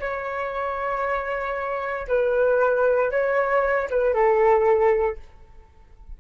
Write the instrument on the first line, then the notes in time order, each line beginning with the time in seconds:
flute
0.00 C#5
2.08 B4
3.11 C#5
3.90 B4
4.14 A4